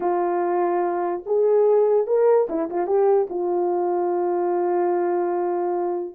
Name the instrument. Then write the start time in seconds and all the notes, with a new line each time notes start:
horn
0.00 F4
1.25 G#4
2.06 A#4
2.49 E4
2.70 F4
2.86 G4
3.29 F4